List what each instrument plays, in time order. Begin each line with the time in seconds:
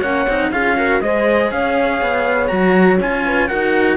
0.00 cello A#3 C#4, horn C#5, trumpet F#5
0.27 cello C4 D#4
0.51 cello C#4 F4, horn G#4, trumpet F5
0.76 cello F#4, horn A#4
1.01 cello G#3 G#4, horn C5, trumpet D#5
1.51 cello C#4, horn C#5, trumpet F5
2.01 cello B3
2.48 cello F#3 F#4, trumpet A#5
3.00 cello C#4 F4, trumpet G#5
3.25 horn B4
3.48 cello D#4 F#4, horn A#4, trumpet F#5